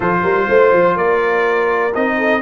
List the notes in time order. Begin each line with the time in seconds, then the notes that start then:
0.00 F3 F4 A4 C5
0.22 G3 A#4
0.49 A3 C5
0.72 F3
0.95 A#3 A#4 D5
1.94 C4 D#4 D#5
2.17 A4